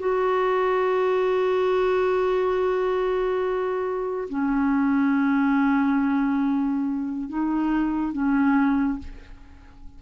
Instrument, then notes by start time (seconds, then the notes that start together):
clarinet
0.00 F#4
4.30 C#4
7.30 D#4
8.13 C#4